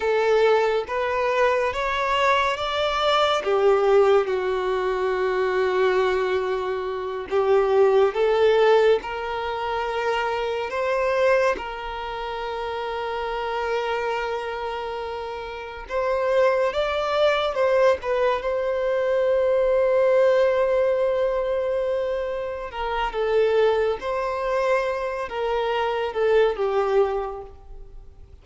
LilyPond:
\new Staff \with { instrumentName = "violin" } { \time 4/4 \tempo 4 = 70 a'4 b'4 cis''4 d''4 | g'4 fis'2.~ | fis'8 g'4 a'4 ais'4.~ | ais'8 c''4 ais'2~ ais'8~ |
ais'2~ ais'8 c''4 d''8~ | d''8 c''8 b'8 c''2~ c''8~ | c''2~ c''8 ais'8 a'4 | c''4. ais'4 a'8 g'4 | }